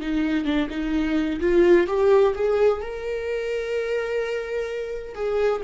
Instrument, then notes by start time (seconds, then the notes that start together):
viola
0.00 D#4
0.45 D4
0.69 D#4
1.41 F4
1.87 G4
2.35 G#4
2.81 A#4
5.14 G#4